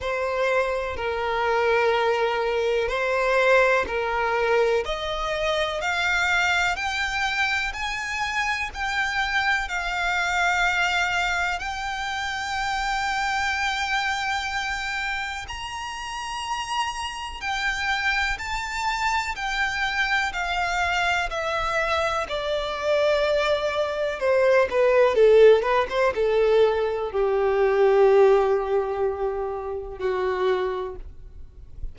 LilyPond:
\new Staff \with { instrumentName = "violin" } { \time 4/4 \tempo 4 = 62 c''4 ais'2 c''4 | ais'4 dis''4 f''4 g''4 | gis''4 g''4 f''2 | g''1 |
ais''2 g''4 a''4 | g''4 f''4 e''4 d''4~ | d''4 c''8 b'8 a'8 b'16 c''16 a'4 | g'2. fis'4 | }